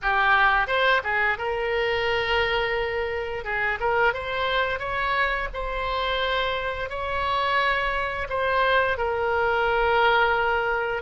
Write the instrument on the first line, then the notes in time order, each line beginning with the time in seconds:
oboe
0.02 G4
0.67 C5
1.03 G#4
1.38 A#4
3.44 G#4
3.80 A#4
4.13 C5
4.79 C#5
5.53 C5
6.89 C#5
8.29 C5
8.97 A#4